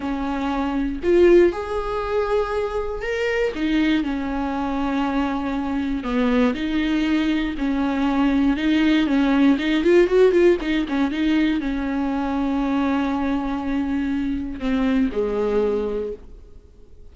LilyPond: \new Staff \with { instrumentName = "viola" } { \time 4/4 \tempo 4 = 119 cis'2 f'4 gis'4~ | gis'2 ais'4 dis'4 | cis'1 | b4 dis'2 cis'4~ |
cis'4 dis'4 cis'4 dis'8 f'8 | fis'8 f'8 dis'8 cis'8 dis'4 cis'4~ | cis'1~ | cis'4 c'4 gis2 | }